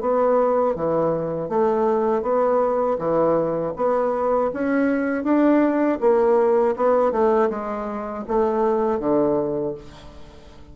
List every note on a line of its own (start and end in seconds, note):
0.00 0.75 B3
0.75 1.48 E3
1.48 2.22 A3
2.22 2.97 B3
2.98 3.73 E3
3.76 4.51 B3
4.53 5.23 C#4
5.23 5.98 D4
6.00 6.75 A#3
6.76 7.11 B3
7.11 7.49 A3
7.49 8.24 G#3
8.27 8.99 A3
8.99 9.74 D3